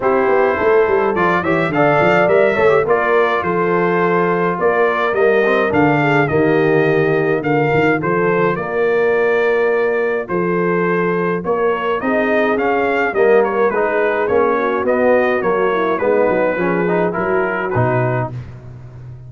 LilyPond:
<<
  \new Staff \with { instrumentName = "trumpet" } { \time 4/4 \tempo 4 = 105 c''2 d''8 e''8 f''4 | e''4 d''4 c''2 | d''4 dis''4 f''4 dis''4~ | dis''4 f''4 c''4 d''4~ |
d''2 c''2 | cis''4 dis''4 f''4 dis''8 cis''8 | b'4 cis''4 dis''4 cis''4 | b'2 ais'4 b'4 | }
  \new Staff \with { instrumentName = "horn" } { \time 4/4 g'4 a'4. cis''8 d''4~ | d''8 cis''8 ais'4 a'2 | ais'2~ ais'8 gis'8 g'4~ | g'4 ais'4 a'4 ais'4~ |
ais'2 a'2 | ais'4 gis'2 ais'4 | gis'4. fis'2 e'8 | dis'4 gis'4 fis'2 | }
  \new Staff \with { instrumentName = "trombone" } { \time 4/4 e'2 f'8 g'8 a'4 | ais'8 a'16 g'16 f'2.~ | f'4 ais8 c'8 d'4 ais4~ | ais4 f'2.~ |
f'1~ | f'4 dis'4 cis'4 ais4 | dis'4 cis'4 b4 ais4 | b4 cis'8 dis'8 e'4 dis'4 | }
  \new Staff \with { instrumentName = "tuba" } { \time 4/4 c'8 b8 a8 g8 f8 e8 d8 f8 | g8 a8 ais4 f2 | ais4 g4 d4 dis4~ | dis4 d8 dis8 f4 ais4~ |
ais2 f2 | ais4 c'4 cis'4 g4 | gis4 ais4 b4 fis4 | gis8 fis8 f4 fis4 b,4 | }
>>